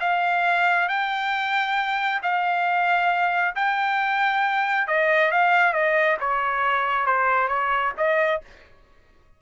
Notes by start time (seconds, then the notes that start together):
0.00 F5
0.88 G5
2.22 F5
3.55 G5
4.87 D#5
5.31 F5
5.73 D#5
6.20 C#5
7.06 C5
7.48 C#5
7.97 D#5